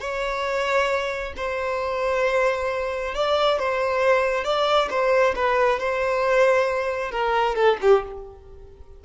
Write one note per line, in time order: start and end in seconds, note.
0.00 1.33 C#5
1.37 3.15 C5
3.15 3.59 D5
3.59 4.44 C5
4.44 4.88 D5
4.90 5.35 C5
5.35 5.79 B4
5.79 7.12 C5
7.12 7.55 A#4
7.55 7.78 A4
7.82 8.04 G4